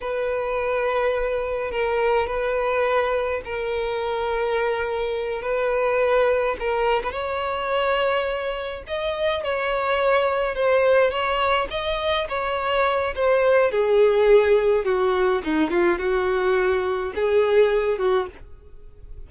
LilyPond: \new Staff \with { instrumentName = "violin" } { \time 4/4 \tempo 4 = 105 b'2. ais'4 | b'2 ais'2~ | ais'4. b'2 ais'8~ | ais'16 b'16 cis''2. dis''8~ |
dis''8 cis''2 c''4 cis''8~ | cis''8 dis''4 cis''4. c''4 | gis'2 fis'4 dis'8 f'8 | fis'2 gis'4. fis'8 | }